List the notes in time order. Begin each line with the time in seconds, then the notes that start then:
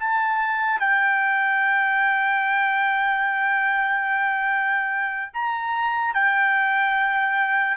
0.00 A5
0.80 G5
5.34 A#5
6.15 G5